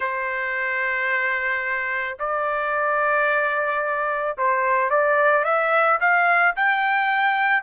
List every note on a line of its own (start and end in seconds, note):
0.00 2.17 C5
2.19 4.37 D5
4.37 4.90 C5
4.90 5.44 D5
5.44 5.99 E5
6.00 6.55 F5
6.56 7.63 G5